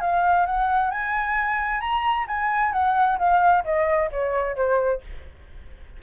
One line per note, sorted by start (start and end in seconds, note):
0.00 0.45 F5
0.46 0.90 F#5
0.90 1.80 G#5
1.80 2.26 A#5
2.27 2.72 G#5
2.72 3.18 F#5
3.18 3.63 F5
3.64 4.10 D#5
4.11 4.56 C#5
4.56 5.01 C5